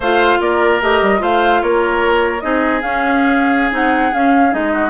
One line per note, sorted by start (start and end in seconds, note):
0.00 0.37 A3
0.00 0.82 F4
0.00 0.39 C5
0.00 0.41 F5
0.40 0.80 A#3
0.40 1.21 A#4
0.40 0.81 D5
0.81 1.01 A3
0.81 1.18 G4
0.81 1.22 D#5
1.01 1.21 G3
1.18 1.62 A3
1.18 2.39 F4
1.18 1.62 C5
1.18 1.62 F5
1.62 2.42 A#3
1.62 2.43 A#4
1.62 2.41 C#5
2.41 2.82 C4
2.41 2.82 D#4
2.41 4.73 G#4
2.41 2.81 D#5
2.81 3.72 C#4
2.81 3.71 C#4
2.81 3.72 F5
3.71 4.12 C4
3.71 4.11 D#4
3.71 4.14 F#5
4.14 4.53 C#4
4.14 4.51 C#4
4.14 4.53 F5
4.51 4.90 G#3
4.51 4.90 D#4
4.51 4.90 D#5
4.73 4.90 F#4